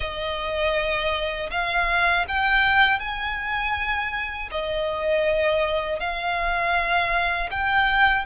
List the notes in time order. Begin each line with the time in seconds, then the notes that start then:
0.00 D#5
1.50 F5
2.27 G5
2.99 G#5
4.51 D#5
5.99 F5
7.50 G5